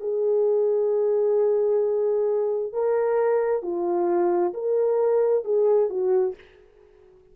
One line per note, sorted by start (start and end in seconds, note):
0.00 2.73 G#4
2.73 3.62 A#4
3.62 4.53 F4
4.54 5.44 A#4
5.44 5.90 G#4
5.90 6.35 F#4